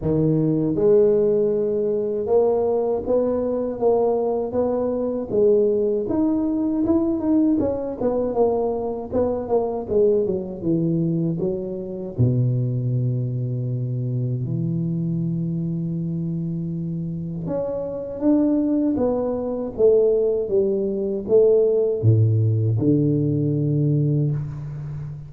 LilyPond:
\new Staff \with { instrumentName = "tuba" } { \time 4/4 \tempo 4 = 79 dis4 gis2 ais4 | b4 ais4 b4 gis4 | dis'4 e'8 dis'8 cis'8 b8 ais4 | b8 ais8 gis8 fis8 e4 fis4 |
b,2. e4~ | e2. cis'4 | d'4 b4 a4 g4 | a4 a,4 d2 | }